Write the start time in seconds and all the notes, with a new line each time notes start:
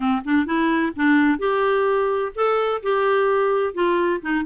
0.00 C4
0.24 D4
0.45 E4
0.95 D4
1.38 G4
2.35 A4
2.83 G4
3.74 F4
4.21 D#4